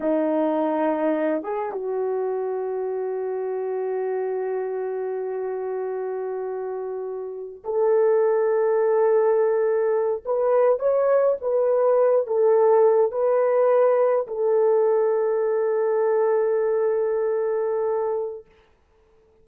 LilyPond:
\new Staff \with { instrumentName = "horn" } { \time 4/4 \tempo 4 = 104 dis'2~ dis'8 gis'8 fis'4~ | fis'1~ | fis'1~ | fis'4~ fis'16 a'2~ a'8.~ |
a'4.~ a'16 b'4 cis''4 b'16~ | b'4~ b'16 a'4. b'4~ b'16~ | b'8. a'2.~ a'16~ | a'1 | }